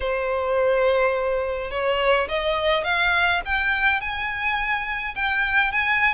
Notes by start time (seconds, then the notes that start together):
0.00 C5
1.71 C#5
2.28 D#5
2.84 F5
3.45 G5
4.00 G#5
5.15 G5
5.72 G#5